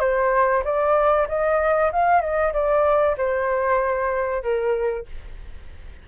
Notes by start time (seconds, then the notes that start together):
0.00 C5
0.65 D5
1.29 D#5
1.92 F5
2.21 D#5
2.53 D5
3.18 C5
4.43 A#4